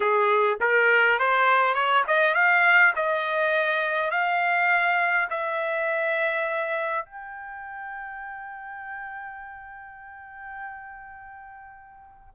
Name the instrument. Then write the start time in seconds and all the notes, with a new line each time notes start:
trumpet
0.00 G#4
0.60 A#4
1.19 C5
1.74 C#5
2.07 D#5
2.34 F5
2.95 D#5
4.10 F5
5.29 E5
7.05 G5